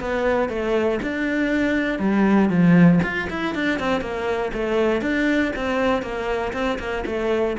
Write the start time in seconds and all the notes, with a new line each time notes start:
0.00 B3
0.49 A3
1.02 D4
1.99 G3
2.49 F3
3.03 F4
3.30 E4
3.54 D4
3.79 C4
4.01 A#3
4.53 A3
5.01 D4
5.55 C4
6.02 A#3
6.53 C4
6.79 A#3
7.06 A3